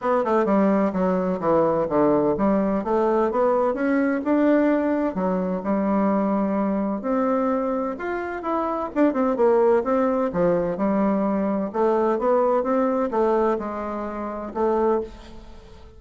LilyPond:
\new Staff \with { instrumentName = "bassoon" } { \time 4/4 \tempo 4 = 128 b8 a8 g4 fis4 e4 | d4 g4 a4 b4 | cis'4 d'2 fis4 | g2. c'4~ |
c'4 f'4 e'4 d'8 c'8 | ais4 c'4 f4 g4~ | g4 a4 b4 c'4 | a4 gis2 a4 | }